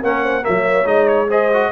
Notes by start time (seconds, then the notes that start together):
0.00 A#3 C#4 A#4 F#5
0.22 C5
0.41 A#3 C#5 E5
0.48 F#3
0.84 G#3 D#4 D#5
1.08 C#5
1.28 G#4 C5 D#5
1.53 F#4